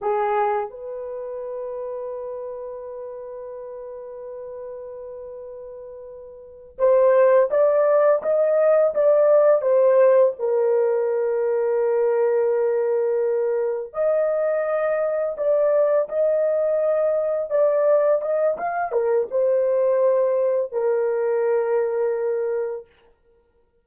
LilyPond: \new Staff \with { instrumentName = "horn" } { \time 4/4 \tempo 4 = 84 gis'4 b'2.~ | b'1~ | b'4. c''4 d''4 dis''8~ | dis''8 d''4 c''4 ais'4.~ |
ais'2.~ ais'8 dis''8~ | dis''4. d''4 dis''4.~ | dis''8 d''4 dis''8 f''8 ais'8 c''4~ | c''4 ais'2. | }